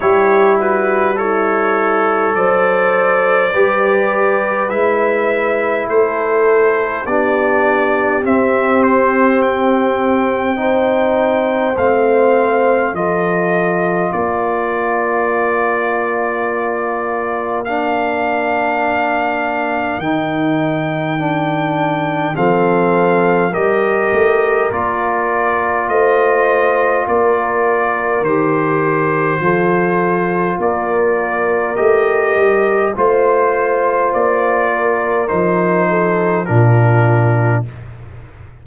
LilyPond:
<<
  \new Staff \with { instrumentName = "trumpet" } { \time 4/4 \tempo 4 = 51 cis''8 b'8 cis''4 d''2 | e''4 c''4 d''4 e''8 c''8 | g''2 f''4 dis''4 | d''2. f''4~ |
f''4 g''2 f''4 | dis''4 d''4 dis''4 d''4 | c''2 d''4 dis''4 | c''4 d''4 c''4 ais'4 | }
  \new Staff \with { instrumentName = "horn" } { \time 4/4 g'8 fis'8 e'4 c''4 b'4~ | b'4 a'4 g'2~ | g'4 c''2 a'4 | ais'1~ |
ais'2. a'4 | ais'2 c''4 ais'4~ | ais'4 a'4 ais'2 | c''4. ais'4 a'8 f'4 | }
  \new Staff \with { instrumentName = "trombone" } { \time 4/4 e'4 a'2 g'4 | e'2 d'4 c'4~ | c'4 dis'4 c'4 f'4~ | f'2. d'4~ |
d'4 dis'4 d'4 c'4 | g'4 f'2. | g'4 f'2 g'4 | f'2 dis'4 d'4 | }
  \new Staff \with { instrumentName = "tuba" } { \time 4/4 g2 fis4 g4 | gis4 a4 b4 c'4~ | c'2 a4 f4 | ais1~ |
ais4 dis2 f4 | g8 a8 ais4 a4 ais4 | dis4 f4 ais4 a8 g8 | a4 ais4 f4 ais,4 | }
>>